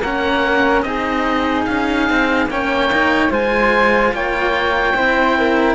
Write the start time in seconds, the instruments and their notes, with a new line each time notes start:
0.00 cello A#3 C#4, flute A#4, oboe F#5
0.82 cello C4 D#4, flute G#4, oboe D#5
1.65 cello C#4, oboe F5
2.10 cello C4
2.46 cello A#3 C#4, flute C#5, oboe G5
2.93 cello D#4
3.29 cello G#3 F4, flute C5, oboe G#5
4.14 cello A#3, flute C#5, oboe G5
4.94 cello C4 E4, flute C5
5.38 flute A#4